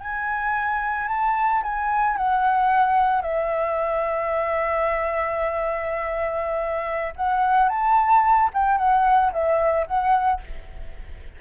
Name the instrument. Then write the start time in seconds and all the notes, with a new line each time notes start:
flute
0.00 G#5
1.08 A5
1.62 G#5
2.17 F#5
3.21 E5
7.15 F#5
7.68 A5
8.53 G5
8.77 F#5
9.32 E5
9.86 F#5